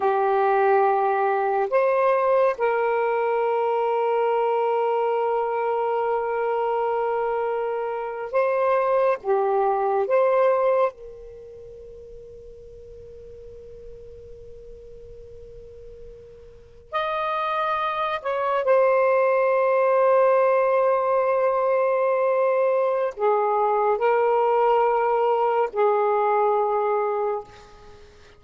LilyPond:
\new Staff \with { instrumentName = "saxophone" } { \time 4/4 \tempo 4 = 70 g'2 c''4 ais'4~ | ais'1~ | ais'4.~ ais'16 c''4 g'4 c''16~ | c''8. ais'2.~ ais'16~ |
ais'2.~ ais'8. dis''16~ | dis''4~ dis''16 cis''8 c''2~ c''16~ | c''2. gis'4 | ais'2 gis'2 | }